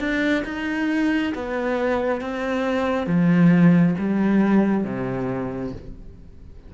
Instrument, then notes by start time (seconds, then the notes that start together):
cello
0.00 D4
0.45 D#4
1.35 B3
2.21 C4
3.07 F3
3.99 G3
4.84 C3